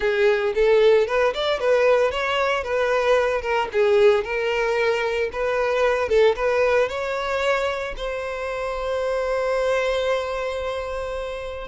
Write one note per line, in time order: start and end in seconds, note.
0.00 0.53 G#4
0.54 1.07 A4
1.07 1.33 B4
1.33 1.59 D5
1.59 2.11 B4
2.11 2.63 C#5
2.63 3.41 B4
3.41 3.68 A#4
3.72 4.23 G#4
4.23 5.30 A#4
5.32 6.08 B4
6.08 6.35 A4
6.35 6.88 B4
6.88 7.95 C#5
7.96 11.67 C5